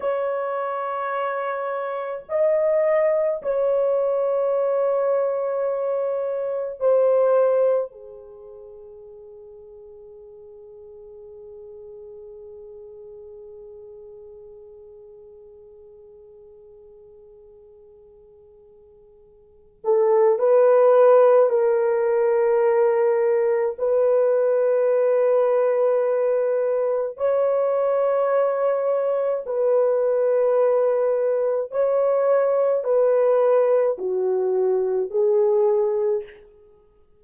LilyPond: \new Staff \with { instrumentName = "horn" } { \time 4/4 \tempo 4 = 53 cis''2 dis''4 cis''4~ | cis''2 c''4 gis'4~ | gis'1~ | gis'1~ |
gis'4. a'8 b'4 ais'4~ | ais'4 b'2. | cis''2 b'2 | cis''4 b'4 fis'4 gis'4 | }